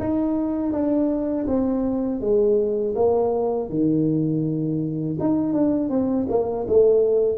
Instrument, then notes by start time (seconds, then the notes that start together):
tuba
0.00 D#4
0.72 D4
1.47 C4
2.21 G#3
2.96 A#3
3.69 D#3
5.20 D#4
5.53 D4
5.90 C4
6.29 A#3
6.68 A3